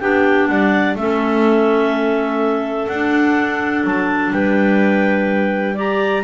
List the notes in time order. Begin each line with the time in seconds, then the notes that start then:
0.00 B3 D4 G4 G5
0.47 G3 D5 F#5
0.95 A3 C#4 A4 E5
2.87 D4 F#5
3.83 F#3 A5
4.32 G3 B4 G5
5.74 G4 D5 A#5